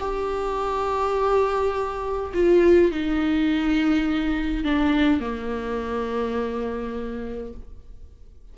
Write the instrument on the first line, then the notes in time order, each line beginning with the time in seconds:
viola
0.00 G4
2.34 F4
2.92 D#4
4.64 D4
5.21 A#3